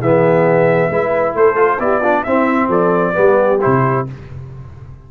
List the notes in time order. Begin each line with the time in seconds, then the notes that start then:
0.00 E3 B3 G#4 E5
0.90 G#3 E4 B4
1.35 A3 A4 C5
1.56 F4
1.79 B3 E4 G4 D5
2.00 D4 F4
2.24 C4 E4 E5
2.68 F3 A4 D5
3.14 G3 B3 G4
3.61 C3 E4 C5